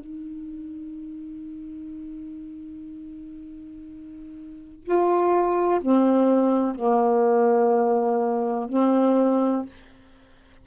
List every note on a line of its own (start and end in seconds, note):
0.00 4.83 D#4
4.83 5.80 F4
5.81 6.75 C4
6.75 8.69 A#3
8.69 9.66 C4